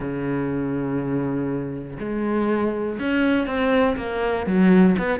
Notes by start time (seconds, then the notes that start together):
0.00 C#3
1.99 G#3
2.99 C#4
3.46 C4
3.96 A#3
4.46 F#3
4.98 B3